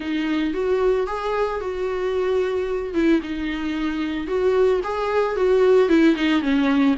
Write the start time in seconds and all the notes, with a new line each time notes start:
0.00 D#4
0.53 F#4
1.06 G#4
1.60 F#4
2.94 E4
3.22 D#4
4.27 F#4
4.83 G#4
5.35 F#4
5.88 E4
6.15 D#4
6.41 C#4